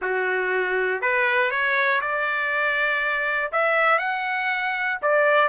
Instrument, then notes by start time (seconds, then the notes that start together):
trumpet
0.01 F#4
1.01 B4
1.50 C#5
2.01 D5
3.51 E5
3.98 F#5
5.02 D5